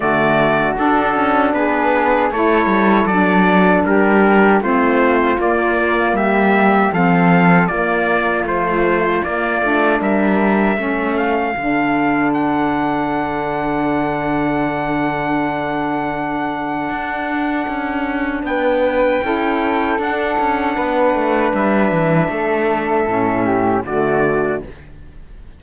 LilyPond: <<
  \new Staff \with { instrumentName = "trumpet" } { \time 4/4 \tempo 4 = 78 d''4 a'4 b'4 cis''4 | d''4 ais'4 c''4 d''4 | e''4 f''4 d''4 c''4 | d''4 e''4. f''4. |
fis''1~ | fis''1 | g''2 fis''2 | e''2. d''4 | }
  \new Staff \with { instrumentName = "flute" } { \time 4/4 fis'2 gis'4 a'4~ | a'4 g'4 f'2 | g'4 a'4 f'2~ | f'4 ais'4 a'2~ |
a'1~ | a'1 | b'4 a'2 b'4~ | b'4 a'4. g'8 fis'4 | }
  \new Staff \with { instrumentName = "saxophone" } { \time 4/4 a4 d'2 e'4 | d'2 c'4 ais4~ | ais4 c'4 ais4 f4 | ais8 d'4. cis'4 d'4~ |
d'1~ | d'1~ | d'4 e'4 d'2~ | d'2 cis'4 a4 | }
  \new Staff \with { instrumentName = "cello" } { \time 4/4 d4 d'8 cis'8 b4 a8 g8 | fis4 g4 a4 ais4 | g4 f4 ais4 a4 | ais8 a8 g4 a4 d4~ |
d1~ | d2 d'4 cis'4 | b4 cis'4 d'8 cis'8 b8 a8 | g8 e8 a4 a,4 d4 | }
>>